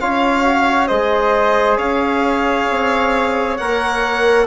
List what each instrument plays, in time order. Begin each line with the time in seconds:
0.00 bassoon C#4, trombone F4, flute C#5, violin F5
0.44 trombone F#4
0.87 bassoon G#3, trombone G#4, flute C5, violin D#5
1.77 bassoon C#4, flute C#5, violin F5
2.70 bassoon C4
3.57 bassoon A#3, trombone A#4, violin F#5